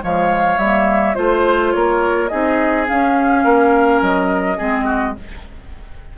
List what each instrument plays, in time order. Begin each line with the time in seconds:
0.00 bassoon F3, clarinet G#3, oboe C#5, flute F5
0.58 bassoon G3, clarinet A#3, flute E5
1.15 bassoon A3, clarinet F4, flute C5, oboe C5
1.72 bassoon A#3, oboe A#4, flute C#5
2.29 bassoon C4, clarinet D#4, oboe G#4, flute D#5
2.87 clarinet C#4, bassoon C#4, flute F5
3.45 bassoon A#3, oboe A#4
4.01 bassoon F#3, flute D#5
4.58 bassoon G#3, clarinet C4, oboe G#4
4.85 oboe F#4